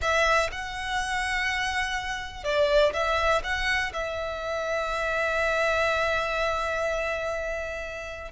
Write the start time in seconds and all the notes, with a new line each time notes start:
0.01 E5
0.51 F#5
2.44 D5
2.93 E5
3.43 F#5
3.93 E5